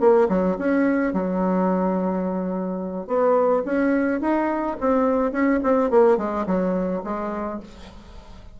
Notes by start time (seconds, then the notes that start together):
0.00 A#3
0.29 F#3
0.58 C#4
1.13 F#3
3.07 B3
3.65 C#4
4.21 D#4
4.80 C4
5.32 C#4
5.63 C4
5.91 A#3
6.18 G#3
6.46 F#3
7.04 G#3